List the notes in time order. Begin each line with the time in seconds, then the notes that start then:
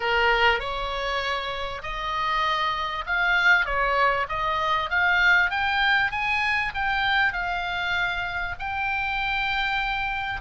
0.00 A#4
0.59 C#5
1.82 D#5
3.06 F5
3.65 C#5
4.29 D#5
4.90 F5
5.50 G5
6.11 G#5
6.74 G5
7.32 F5
8.59 G5